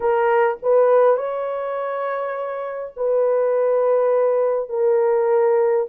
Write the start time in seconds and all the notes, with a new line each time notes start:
0.00 A#4
0.62 B4
1.17 C#5
2.96 B4
4.69 A#4